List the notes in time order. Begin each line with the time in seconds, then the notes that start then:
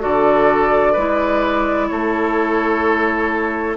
0.00 D3 F#4 A4 D5
0.93 G#3 E4 B4
1.88 A3 A4 C#5